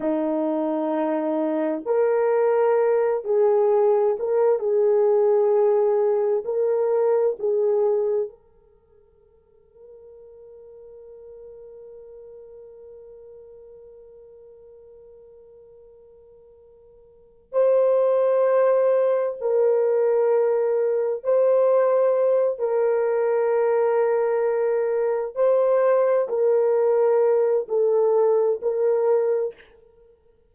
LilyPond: \new Staff \with { instrumentName = "horn" } { \time 4/4 \tempo 4 = 65 dis'2 ais'4. gis'8~ | gis'8 ais'8 gis'2 ais'4 | gis'4 ais'2.~ | ais'1~ |
ais'2. c''4~ | c''4 ais'2 c''4~ | c''8 ais'2. c''8~ | c''8 ais'4. a'4 ais'4 | }